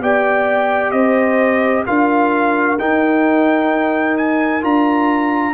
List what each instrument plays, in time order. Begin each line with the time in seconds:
0.00 tuba B3, trombone G4, horn D5, trumpet G5
0.91 tuba C4, horn C5, trumpet D#5
1.86 tuba D4, trombone F4, horn A#4, trumpet F5
2.79 trombone D#4, tuba D#4, trumpet G5
4.17 trumpet G#5
4.62 tuba D4, trombone F4, trumpet A#5